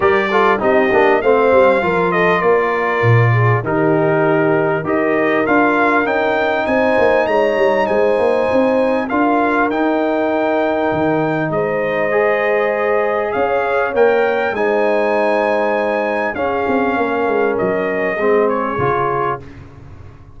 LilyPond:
<<
  \new Staff \with { instrumentName = "trumpet" } { \time 4/4 \tempo 4 = 99 d''4 dis''4 f''4. dis''8 | d''2 ais'2 | dis''4 f''4 g''4 gis''4 | ais''4 gis''2 f''4 |
g''2. dis''4~ | dis''2 f''4 g''4 | gis''2. f''4~ | f''4 dis''4. cis''4. | }
  \new Staff \with { instrumentName = "horn" } { \time 4/4 ais'8 a'8 g'4 c''4 ais'8 a'8 | ais'4. gis'8 g'2 | ais'2. c''4 | cis''4 c''2 ais'4~ |
ais'2. c''4~ | c''2 cis''2 | c''2. gis'4 | ais'2 gis'2 | }
  \new Staff \with { instrumentName = "trombone" } { \time 4/4 g'8 f'8 dis'8 d'8 c'4 f'4~ | f'2 dis'2 | g'4 f'4 dis'2~ | dis'2. f'4 |
dis'1 | gis'2. ais'4 | dis'2. cis'4~ | cis'2 c'4 f'4 | }
  \new Staff \with { instrumentName = "tuba" } { \time 4/4 g4 c'8 ais8 a8 g8 f4 | ais4 ais,4 dis2 | dis'4 d'4 cis'4 c'8 ais8 | gis8 g8 gis8 ais8 c'4 d'4 |
dis'2 dis4 gis4~ | gis2 cis'4 ais4 | gis2. cis'8 c'8 | ais8 gis8 fis4 gis4 cis4 | }
>>